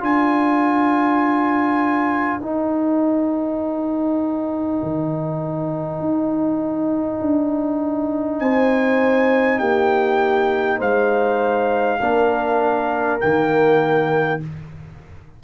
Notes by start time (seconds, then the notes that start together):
0.00 D4 F4 A#4 G#5
2.41 D#4 G5
4.83 D#3
6.00 D#4
7.21 D4
8.39 C4 C5 G#5
9.59 A#3 G4 G5
10.78 G#3 C5 F5
11.99 A#3 D4 A#4
13.20 D#3 A#3 G5